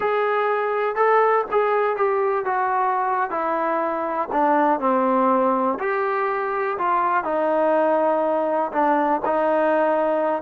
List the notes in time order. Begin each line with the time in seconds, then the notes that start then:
0.00 G#4
0.95 A4
1.51 G#4
1.96 G4
2.45 F#4
3.30 E4
4.32 D4
4.80 C4
5.79 G4
6.78 F4
7.24 D#4
8.72 D4
9.25 D#4